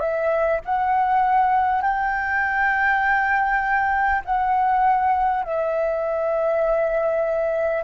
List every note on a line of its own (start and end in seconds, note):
0.00 0.60 E5
0.65 1.82 F#5
1.82 4.22 G5
4.25 5.44 F#5
5.44 7.83 E5